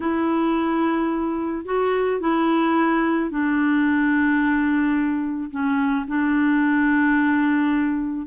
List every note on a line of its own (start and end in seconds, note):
0.00 1.65 E4
1.65 2.20 F#4
2.20 3.30 E4
3.30 5.50 D4
5.50 6.06 C#4
6.07 8.26 D4